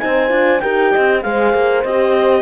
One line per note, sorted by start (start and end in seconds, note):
0.00 0.31 C4
0.00 0.30 D#4
0.00 0.63 C5
0.00 0.60 G#5
0.30 0.61 D4
0.30 0.60 F4
0.60 0.95 D#4
0.60 1.23 G4
0.60 0.92 A#4
0.60 1.22 G5
0.92 1.25 C4
0.92 1.23 D#5
1.23 1.54 G#3
1.23 1.84 G#4
1.23 2.43 C5
1.23 1.84 F5
1.54 1.85 A#3
1.84 2.43 C4
1.84 2.43 G4
1.84 2.43 D#5